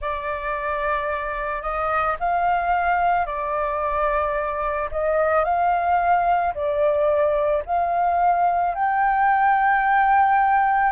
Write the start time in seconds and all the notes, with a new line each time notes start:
0.00 D5
1.62 D#5
2.19 F5
3.25 D5
4.91 D#5
5.44 F5
6.54 D5
7.65 F5
8.75 G5